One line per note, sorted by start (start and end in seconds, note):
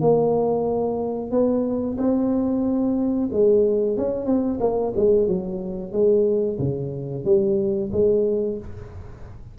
0.00 1.31 A#3
1.31 1.97 B3
1.97 3.29 C4
3.32 3.97 G#3
3.97 4.26 C#4
4.26 4.59 C4
4.59 4.92 A#3
4.96 5.27 G#3
5.27 5.92 F#3
5.92 6.58 G#3
6.58 7.24 C#3
7.24 7.90 G3
7.92 8.58 G#3